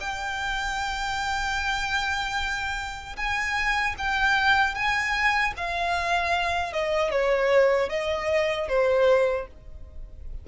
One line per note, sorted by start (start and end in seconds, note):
0.00 3.16 G5
3.16 3.95 G#5
3.98 4.74 G5
4.74 5.53 G#5
5.57 6.72 F5
6.72 7.11 D#5
7.11 7.89 C#5
7.89 8.68 D#5
8.68 9.47 C5